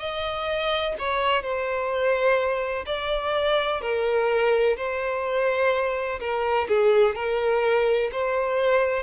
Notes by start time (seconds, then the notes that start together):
0.00 D#5
0.99 C#5
1.42 C5
2.86 D5
3.82 A#4
4.77 C5
6.20 A#4
6.68 G#4
7.16 A#4
8.13 C5